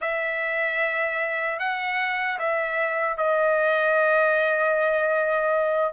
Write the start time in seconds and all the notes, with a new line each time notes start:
0.01 E5
1.59 F#5
2.39 E5
3.17 D#5